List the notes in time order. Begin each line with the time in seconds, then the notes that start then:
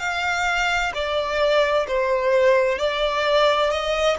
0.00 F5
0.94 D5
1.88 C5
2.79 D5
3.70 D#5